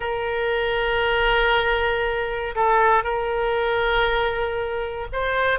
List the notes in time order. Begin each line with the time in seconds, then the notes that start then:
0.00 A#4
2.55 A4
3.03 A#4
5.12 C5